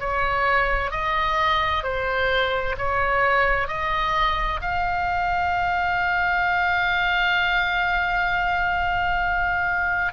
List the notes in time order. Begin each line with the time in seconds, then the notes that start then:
0.00 C#5
0.91 D#5
1.84 C5
2.78 C#5
3.68 D#5
4.62 F5